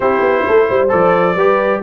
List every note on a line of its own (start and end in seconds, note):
0.00 0.20 C4
0.00 0.88 E4
0.00 0.45 G4
0.00 0.89 C5
0.20 0.43 B3
0.47 0.69 A3
0.47 0.67 A4
0.67 0.92 G3
0.67 1.35 C5
0.88 1.35 F3
0.88 1.34 A4
0.88 1.82 D5
1.35 1.80 G3
1.35 1.83 G4
1.35 1.80 B4